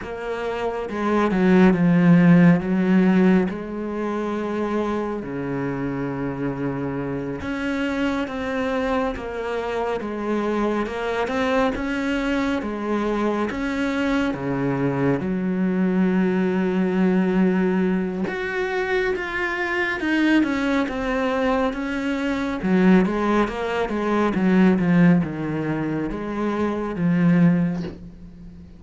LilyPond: \new Staff \with { instrumentName = "cello" } { \time 4/4 \tempo 4 = 69 ais4 gis8 fis8 f4 fis4 | gis2 cis2~ | cis8 cis'4 c'4 ais4 gis8~ | gis8 ais8 c'8 cis'4 gis4 cis'8~ |
cis'8 cis4 fis2~ fis8~ | fis4 fis'4 f'4 dis'8 cis'8 | c'4 cis'4 fis8 gis8 ais8 gis8 | fis8 f8 dis4 gis4 f4 | }